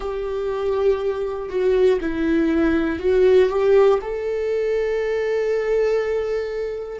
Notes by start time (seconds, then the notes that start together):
0.00 G4
1.49 F#4
2.00 E4
2.99 F#4
3.49 G4
4.01 A4